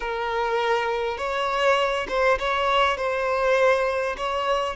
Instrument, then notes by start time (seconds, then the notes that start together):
violin
0.00 A#4
1.17 C#5
2.08 C5
2.38 C#5
2.97 C5
4.17 C#5